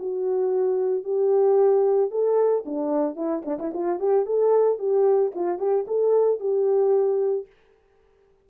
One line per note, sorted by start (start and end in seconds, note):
0.00 1.04 F#4
1.04 2.11 G4
2.11 2.64 A4
2.66 3.16 D4
3.16 3.43 E4
3.46 3.59 D4
3.59 3.73 E4
3.74 4.00 F4
4.00 4.26 G4
4.26 4.79 A4
4.79 5.33 G4
5.35 5.59 F4
5.59 5.86 G4
5.88 6.40 A4
6.40 7.47 G4